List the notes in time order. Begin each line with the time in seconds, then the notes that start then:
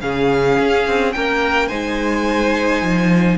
0.00 C#3 C#4 G#4 F5
0.59 C#4
0.87 C4
1.12 A#3 A#4 G5
1.67 G#3 D#4 C5 G#5
2.82 F3